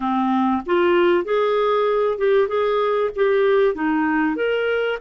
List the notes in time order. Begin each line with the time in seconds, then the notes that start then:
0.00 C4
0.66 F4
1.24 G#4
2.18 G4
2.48 G#4
3.15 G4
3.74 D#4
4.36 A#4